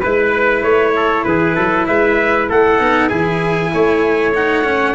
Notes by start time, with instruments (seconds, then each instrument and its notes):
0.00 tuba G#3, cello E4, trumpet B4
0.63 tuba A3, trumpet C#5
0.96 trumpet A4
1.24 tuba E3, trumpet G#4 B4
1.56 tuba F#3, trumpet A4
1.86 tuba G#3, trumpet B4 E5
2.49 tuba A3, trumpet A4 F#5
2.79 tuba B3, cello D#4
3.09 tuba E3, cello E4, trumpet G#4 G#5
3.73 tuba A3, trumpet C#5
4.35 cello D#4, trumpet F#5
4.64 cello C#4